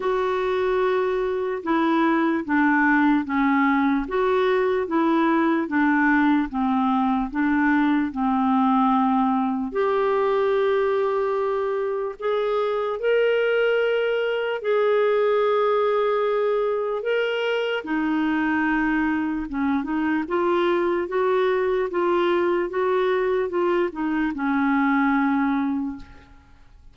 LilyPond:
\new Staff \with { instrumentName = "clarinet" } { \time 4/4 \tempo 4 = 74 fis'2 e'4 d'4 | cis'4 fis'4 e'4 d'4 | c'4 d'4 c'2 | g'2. gis'4 |
ais'2 gis'2~ | gis'4 ais'4 dis'2 | cis'8 dis'8 f'4 fis'4 f'4 | fis'4 f'8 dis'8 cis'2 | }